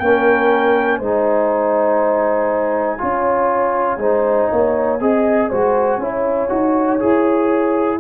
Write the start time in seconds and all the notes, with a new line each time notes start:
0.00 A#3 C#4 A#4 G5
0.99 G#3 D#4 C5 G#5
2.98 C#4 F4 C#5
3.97 G#3 D#4 C5
4.51 A#3 C#5
5.01 C4 G#4 D#5
5.50 G#3 F#4 C5
5.98 C#4 E4 C#5
6.49 D#4 F#4
7.00 E4 G#4